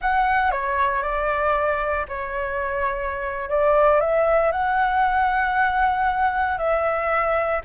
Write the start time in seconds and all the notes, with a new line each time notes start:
0.01 F#5
0.51 C#5
1.02 D5
2.08 C#5
3.49 D5
4.00 E5
4.51 F#5
6.58 E5